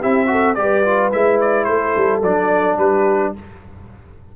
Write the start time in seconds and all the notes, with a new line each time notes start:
0.00 C4 E4 G4 E5
0.27 F#4 A4
0.55 G3 G4 D5
0.62 B4
0.85 F4
1.12 G#3 E4 E5
1.41 D5
1.65 A3 A4 C5
1.97 G3
2.22 F#3 D4 D5
2.77 G3 G4 B4